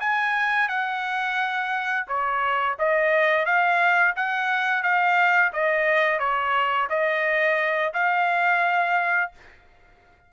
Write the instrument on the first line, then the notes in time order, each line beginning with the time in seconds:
trumpet
0.00 G#5
0.68 F#5
2.08 C#5
2.79 D#5
3.45 F5
4.16 F#5
4.83 F5
5.53 D#5
6.19 C#5
6.90 D#5
7.94 F5